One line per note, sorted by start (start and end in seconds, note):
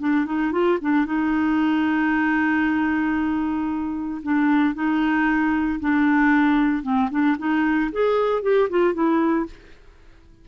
0.00 0.26 D4
0.26 0.52 D#4
0.52 0.78 F4
0.81 1.06 D4
1.06 4.22 D#4
4.23 4.74 D4
4.74 5.80 D#4
5.80 6.83 D4
6.83 7.09 C4
7.11 7.37 D4
7.38 7.91 D#4
7.92 8.43 G#4
8.43 8.69 G4
8.70 8.94 F4
8.94 9.46 E4